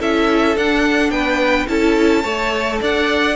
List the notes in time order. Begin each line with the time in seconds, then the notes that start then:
0.00 C#4 E4 A4 E5
0.56 D4 F#5
1.10 B3 B4 G5
1.68 C#4 E4 A4 A5
2.23 A3 A4 C#5
2.81 D4 D5 F#5